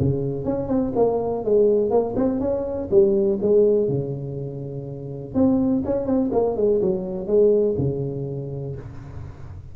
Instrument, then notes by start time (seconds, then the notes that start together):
tuba
0.00 C#3
0.45 C#4
0.69 C4
0.96 A#3
1.45 G#3
1.91 A#3
2.17 C4
2.40 C#4
2.91 G3
3.42 G#3
3.89 C#3
5.35 C4
5.86 C#4
6.06 C4
6.32 A#3
6.57 G#3
6.82 F#3
7.27 G#3
7.78 C#3